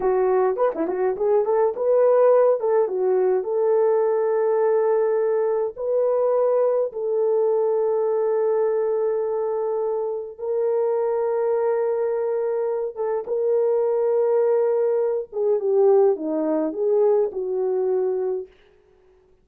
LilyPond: \new Staff \with { instrumentName = "horn" } { \time 4/4 \tempo 4 = 104 fis'4 b'16 e'16 fis'8 gis'8 a'8 b'4~ | b'8 a'8 fis'4 a'2~ | a'2 b'2 | a'1~ |
a'2 ais'2~ | ais'2~ ais'8 a'8 ais'4~ | ais'2~ ais'8 gis'8 g'4 | dis'4 gis'4 fis'2 | }